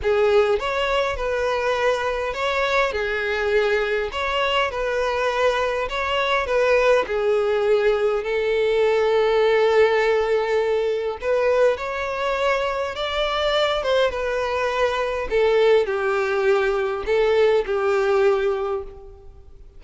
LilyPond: \new Staff \with { instrumentName = "violin" } { \time 4/4 \tempo 4 = 102 gis'4 cis''4 b'2 | cis''4 gis'2 cis''4 | b'2 cis''4 b'4 | gis'2 a'2~ |
a'2. b'4 | cis''2 d''4. c''8 | b'2 a'4 g'4~ | g'4 a'4 g'2 | }